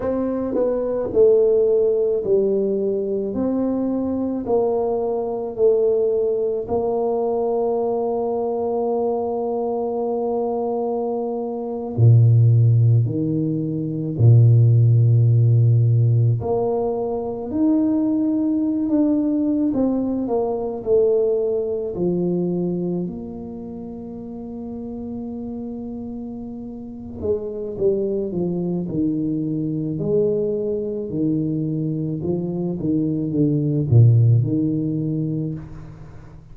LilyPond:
\new Staff \with { instrumentName = "tuba" } { \time 4/4 \tempo 4 = 54 c'8 b8 a4 g4 c'4 | ais4 a4 ais2~ | ais2~ ais8. ais,4 dis16~ | dis8. ais,2 ais4 dis'16~ |
dis'4 d'8. c'8 ais8 a4 f16~ | f8. ais2.~ ais16~ | ais8 gis8 g8 f8 dis4 gis4 | dis4 f8 dis8 d8 ais,8 dis4 | }